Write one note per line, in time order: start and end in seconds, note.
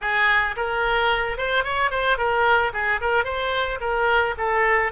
0.01 0.55 G#4
0.56 1.37 A#4
1.37 1.64 C5
1.64 1.90 C#5
1.90 2.17 C5
2.17 2.72 A#4
2.73 3.00 G#4
3.00 3.24 A#4
3.24 3.79 C5
3.80 4.35 A#4
4.37 4.92 A4